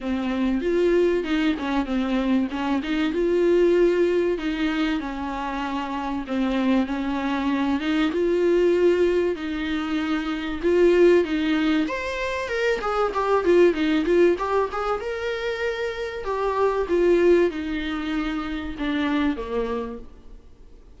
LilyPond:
\new Staff \with { instrumentName = "viola" } { \time 4/4 \tempo 4 = 96 c'4 f'4 dis'8 cis'8 c'4 | cis'8 dis'8 f'2 dis'4 | cis'2 c'4 cis'4~ | cis'8 dis'8 f'2 dis'4~ |
dis'4 f'4 dis'4 c''4 | ais'8 gis'8 g'8 f'8 dis'8 f'8 g'8 gis'8 | ais'2 g'4 f'4 | dis'2 d'4 ais4 | }